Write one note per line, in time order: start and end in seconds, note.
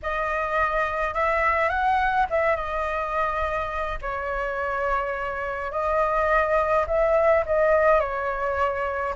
0.02 1.14 D#5
1.14 1.69 E5
1.69 2.26 F#5
2.30 2.56 E5
2.56 3.98 D#5
4.01 5.71 C#5
5.71 6.85 D#5
6.87 7.44 E5
7.45 8.00 D#5
8.00 9.14 C#5